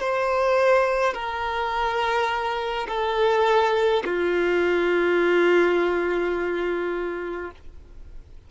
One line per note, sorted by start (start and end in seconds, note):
0.00 1.14 C5
1.14 2.87 A#4
2.88 4.03 A4
4.05 7.51 F4